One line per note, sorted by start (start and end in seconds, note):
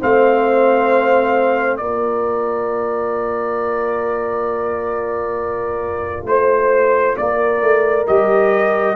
0.00 1.81 A3
0.00 1.80 C4
0.00 1.79 C5
0.00 1.77 F5
1.77 6.27 A#3
1.77 8.07 F4
1.77 6.28 A#4
1.77 6.25 D5
6.27 7.16 A3
6.27 7.17 C5
6.27 7.18 C5
7.17 7.62 A#3
7.17 8.96 A#4
7.17 8.07 D5
7.62 8.07 A3
8.08 8.96 G3
8.08 8.96 G4
8.08 8.96 D#5